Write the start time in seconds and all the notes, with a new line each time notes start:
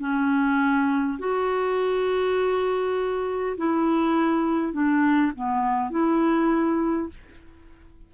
0.00 C#4
1.19 F#4
3.58 E4
4.73 D4
5.36 B3
5.91 E4